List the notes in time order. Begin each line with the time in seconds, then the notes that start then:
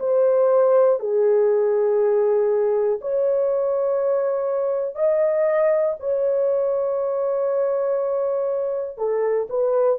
0.00 C5
1.00 G#4
3.01 C#5
4.95 D#5
6.00 C#5
8.98 A4
9.50 B4